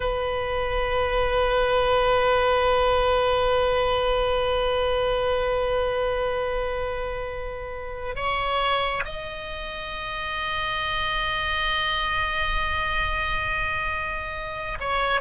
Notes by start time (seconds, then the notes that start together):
0.00 B4
8.15 C#5
9.04 D#5
14.80 C#5